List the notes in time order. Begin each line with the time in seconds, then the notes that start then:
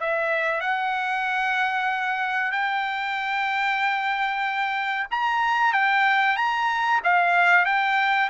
0.00 E5
0.61 F#5
2.52 G5
5.11 A#5
5.73 G5
6.37 A#5
7.04 F5
7.66 G5